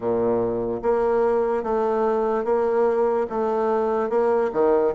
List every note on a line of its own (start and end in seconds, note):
0.00 0.81 A#2
0.82 1.63 A#3
1.63 2.44 A3
2.44 3.27 A#3
3.29 4.09 A3
4.09 4.50 A#3
4.52 4.93 D#3